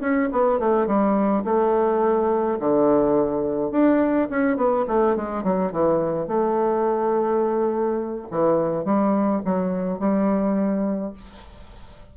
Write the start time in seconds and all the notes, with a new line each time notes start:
0.00 C#4
0.31 B3
0.59 A3
0.86 G3
1.44 A3
2.59 D3
3.71 D4
4.29 C#4
4.56 B3
4.87 A3
5.16 G#3
5.43 F#3
5.72 E3
6.27 A3
8.30 E3
8.84 G3
9.45 F#3
9.99 G3